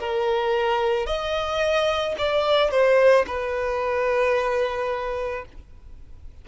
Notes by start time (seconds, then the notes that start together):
0.00 A#4
1.06 D#5
2.18 D5
2.71 C5
3.27 B4